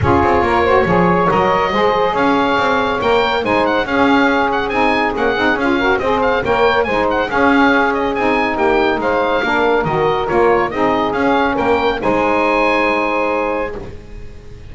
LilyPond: <<
  \new Staff \with { instrumentName = "oboe" } { \time 4/4 \tempo 4 = 140 cis''2. dis''4~ | dis''4 f''2 g''4 | gis''8 fis''8 f''4. fis''8 gis''4 | fis''4 f''4 dis''8 f''8 g''4 |
gis''8 fis''8 f''4. dis''8 gis''4 | g''4 f''2 dis''4 | cis''4 dis''4 f''4 g''4 | gis''1 | }
  \new Staff \with { instrumentName = "saxophone" } { \time 4/4 gis'4 ais'8 c''8 cis''2 | c''4 cis''2. | c''4 gis'2.~ | gis'4. ais'8 c''4 cis''4 |
c''4 gis'2. | g'4 c''4 ais'2~ | ais'4 gis'2 ais'4 | c''1 | }
  \new Staff \with { instrumentName = "saxophone" } { \time 4/4 f'4. fis'8 gis'4 ais'4 | gis'2. ais'4 | dis'4 cis'2 dis'4 | cis'8 dis'8 f'8 fis'8 gis'4 ais'4 |
dis'4 cis'2 dis'4~ | dis'2 d'4 fis'4 | f'4 dis'4 cis'2 | dis'1 | }
  \new Staff \with { instrumentName = "double bass" } { \time 4/4 cis'8 c'8 ais4 f4 fis4 | gis4 cis'4 c'4 ais4 | gis4 cis'2 c'4 | ais8 c'8 cis'4 c'4 ais4 |
gis4 cis'2 c'4 | ais4 gis4 ais4 dis4 | ais4 c'4 cis'4 ais4 | gis1 | }
>>